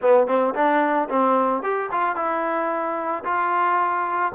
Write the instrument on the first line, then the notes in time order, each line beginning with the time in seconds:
trombone
0.01 B3
0.27 C4
0.54 D4
1.09 C4
1.62 G4
1.91 F4
2.15 E4
3.24 F4